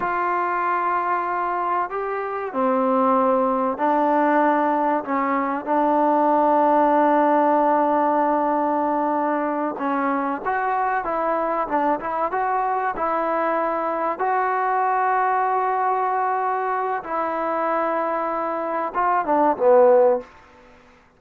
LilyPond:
\new Staff \with { instrumentName = "trombone" } { \time 4/4 \tempo 4 = 95 f'2. g'4 | c'2 d'2 | cis'4 d'2.~ | d'2.~ d'8 cis'8~ |
cis'8 fis'4 e'4 d'8 e'8 fis'8~ | fis'8 e'2 fis'4.~ | fis'2. e'4~ | e'2 f'8 d'8 b4 | }